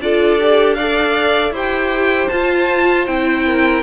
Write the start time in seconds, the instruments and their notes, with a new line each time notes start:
0.00 cello D4, viola F4, violin A4 D5
0.39 viola G4
0.75 viola A4, violin D5 F5
1.51 cello E4, viola G4, violin C5
1.57 violin G5
2.29 cello F4, viola F4, violin A5
3.07 cello C4, viola E4, violin G5
3.46 violin A#4